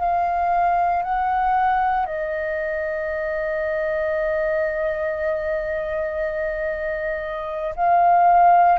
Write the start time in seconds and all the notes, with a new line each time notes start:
0.00 F5
1.03 F#5
2.06 D#5
7.76 F5